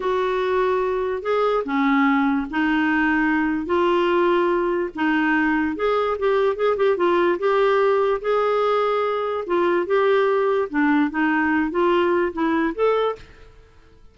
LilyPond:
\new Staff \with { instrumentName = "clarinet" } { \time 4/4 \tempo 4 = 146 fis'2. gis'4 | cis'2 dis'2~ | dis'4 f'2. | dis'2 gis'4 g'4 |
gis'8 g'8 f'4 g'2 | gis'2. f'4 | g'2 d'4 dis'4~ | dis'8 f'4. e'4 a'4 | }